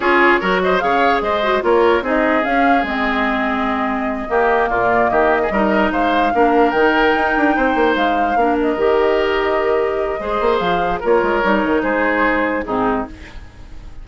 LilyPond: <<
  \new Staff \with { instrumentName = "flute" } { \time 4/4 \tempo 4 = 147 cis''4. dis''8 f''4 dis''4 | cis''4 dis''4 f''4 dis''4~ | dis''2.~ dis''8 d''8~ | d''8 dis''2 f''4.~ |
f''8 g''2. f''8~ | f''4 dis''2.~ | dis''2 f''4 cis''4~ | cis''4 c''2 gis'4 | }
  \new Staff \with { instrumentName = "oboe" } { \time 4/4 gis'4 ais'8 c''8 cis''4 c''4 | ais'4 gis'2.~ | gis'2~ gis'8 g'4 f'8~ | f'8 g'8. gis'16 ais'4 c''4 ais'8~ |
ais'2~ ais'8 c''4.~ | c''8 ais'2.~ ais'8~ | ais'4 c''2 ais'4~ | ais'4 gis'2 dis'4 | }
  \new Staff \with { instrumentName = "clarinet" } { \time 4/4 f'4 fis'4 gis'4. fis'8 | f'4 dis'4 cis'4 c'4~ | c'2~ c'8 ais4.~ | ais4. dis'2 d'8~ |
d'8 dis'2.~ dis'8~ | dis'8 d'4 g'2~ g'8~ | g'4 gis'2 f'4 | dis'2. c'4 | }
  \new Staff \with { instrumentName = "bassoon" } { \time 4/4 cis'4 fis4 cis4 gis4 | ais4 c'4 cis'4 gis4~ | gis2~ gis8 ais4 ais,8~ | ais,8 dis4 g4 gis4 ais8~ |
ais8 dis4 dis'8 d'8 c'8 ais8 gis8~ | gis8 ais4 dis2~ dis8~ | dis4 gis8 ais8 f4 ais8 gis8 | g8 dis8 gis2 gis,4 | }
>>